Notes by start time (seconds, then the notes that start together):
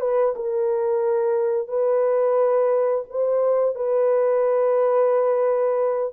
0.00 B4
0.36 A#4
1.68 B4
3.10 C5
3.75 B4